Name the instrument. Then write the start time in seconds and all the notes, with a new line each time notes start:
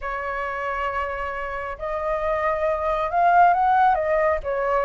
flute
0.01 C#5
1.78 D#5
3.10 F5
3.53 F#5
3.94 D#5
4.43 C#5